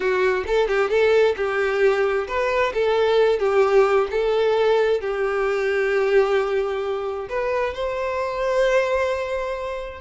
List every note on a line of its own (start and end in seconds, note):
0.00 0.44 F#4
0.46 0.68 A4
0.68 0.89 G4
0.89 1.35 A4
1.36 2.27 G4
2.27 2.73 B4
2.74 3.39 A4
3.39 4.07 G4
4.10 5.00 A4
5.00 7.28 G4
7.29 7.74 B4
7.74 10.00 C5